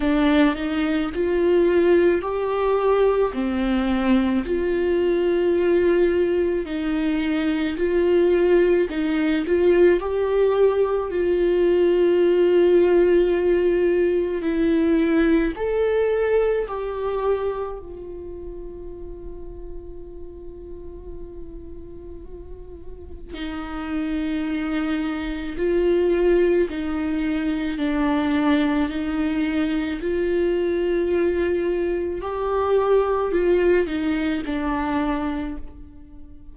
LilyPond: \new Staff \with { instrumentName = "viola" } { \time 4/4 \tempo 4 = 54 d'8 dis'8 f'4 g'4 c'4 | f'2 dis'4 f'4 | dis'8 f'8 g'4 f'2~ | f'4 e'4 a'4 g'4 |
f'1~ | f'4 dis'2 f'4 | dis'4 d'4 dis'4 f'4~ | f'4 g'4 f'8 dis'8 d'4 | }